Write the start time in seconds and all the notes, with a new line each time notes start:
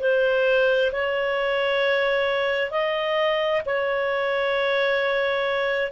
0.00 C5
0.92 C#5
2.71 D#5
3.66 C#5